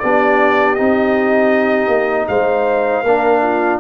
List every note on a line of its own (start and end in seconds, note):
0.00 0.80 B3
0.00 0.78 D4
0.00 2.30 G4
0.00 0.75 D5
0.75 1.88 C4
0.75 3.05 D#4
0.75 2.27 D#5
1.88 2.26 A#3
2.28 3.04 G#3
2.28 3.04 C5
2.28 3.80 F5
3.04 3.80 A#3
3.04 3.80 D4
3.04 3.42 A#4
3.43 3.80 F4